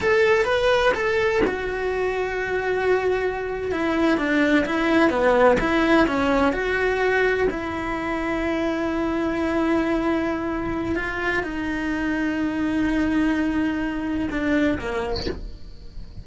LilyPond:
\new Staff \with { instrumentName = "cello" } { \time 4/4 \tempo 4 = 126 a'4 b'4 a'4 fis'4~ | fis'2.~ fis'8. e'16~ | e'8. d'4 e'4 b4 e'16~ | e'8. cis'4 fis'2 e'16~ |
e'1~ | e'2. f'4 | dis'1~ | dis'2 d'4 ais4 | }